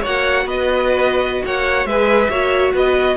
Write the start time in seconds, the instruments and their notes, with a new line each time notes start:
0.00 cello A#3, viola F#4, violin C#5 F#5
0.45 cello B3, violin B4 D#5
1.45 cello A#3, violin C#5 F#5
1.85 cello G#3, viola G#4, violin B4 E5
2.29 cello A#3, viola F#4, violin C#5
2.74 cello B3, violin B4 D#5